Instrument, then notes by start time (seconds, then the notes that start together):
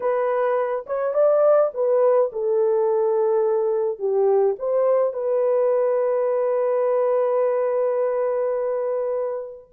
horn
0.00 B4
0.86 C#5
1.14 D5
1.74 B4
2.32 A4
3.98 G4
4.59 C5
5.13 B4